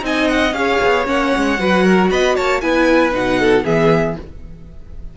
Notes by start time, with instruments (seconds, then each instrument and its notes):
0.00 cello C4, viola D#4, violin G#5
0.06 violin D#5
0.28 violin F#5
0.52 cello C#4, viola G#4, violin F5
0.58 violin C#5
0.84 cello B3
1.05 cello A#3, viola C#4, violin F#5
1.36 cello G#3
1.59 cello F#3, viola F#4, violin B4
1.84 violin A#4
2.10 cello B3, violin D#5 B5
2.36 cello A#3, violin C#5 A5
2.61 cello B3, viola E4, violin B4 G#5
3.12 cello B2, viola D#4, violin F#5
3.40 violin A4
3.64 cello E3, viola B3, violin G#4 E5